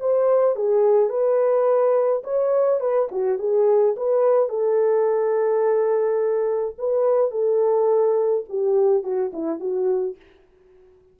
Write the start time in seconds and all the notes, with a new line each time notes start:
0.00 C5
0.56 G#4
1.10 B4
2.24 C#5
2.81 B4
3.12 F#4
3.39 G#4
3.97 B4
4.49 A4
6.78 B4
7.31 A4
8.49 G4
9.04 F#4
9.33 E4
9.60 F#4